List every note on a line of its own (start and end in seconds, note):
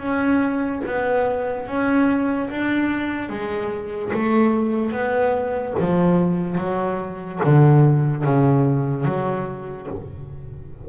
0.00 0.82 C#4
0.87 1.68 B3
1.68 2.50 C#4
2.50 3.30 D4
3.30 4.12 G#3
4.13 4.92 A3
4.92 5.74 B3
5.80 6.58 F3
6.58 7.40 F#3
7.44 8.24 D3
8.24 9.05 C#3
9.05 9.87 F#3